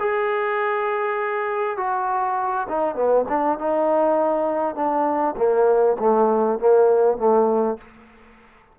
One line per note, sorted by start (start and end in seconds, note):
0.00 1.77 G#4
1.77 2.67 F#4
2.69 2.95 D#4
2.95 3.25 B3
3.29 3.59 D4
3.59 4.75 D#4
4.75 5.35 D4
5.37 5.97 A#3
5.99 6.59 A3
6.59 7.18 A#3
7.18 7.78 A3